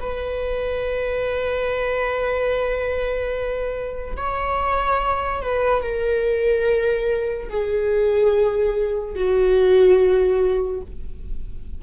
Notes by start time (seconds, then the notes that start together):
0.00 B4
4.17 C#5
5.42 B4
5.83 A#4
7.50 G#4
9.16 F#4